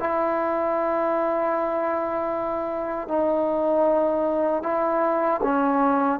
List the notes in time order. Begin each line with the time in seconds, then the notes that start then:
0.00 E4
3.08 D#4
4.63 E4
5.44 C#4